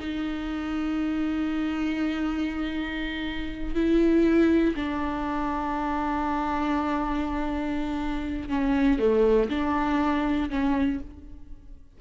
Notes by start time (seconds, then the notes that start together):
0.00 D#4
3.75 E4
4.76 D4
8.49 C#4
8.99 A3
9.50 D4
10.50 C#4